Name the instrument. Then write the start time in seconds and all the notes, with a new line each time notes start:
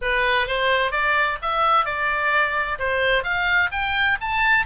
oboe
0.01 B4
0.47 C5
0.91 D5
1.42 E5
1.85 D5
2.78 C5
3.23 F5
3.71 G5
4.21 A5